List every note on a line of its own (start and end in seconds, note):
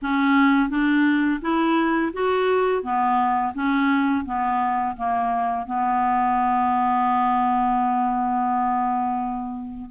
0.02 0.69 C#4
0.69 1.40 D4
1.41 2.12 E4
2.13 2.82 F#4
2.82 3.53 B3
3.54 4.24 C#4
4.25 4.95 B3
4.96 5.66 A#3
5.66 9.89 B3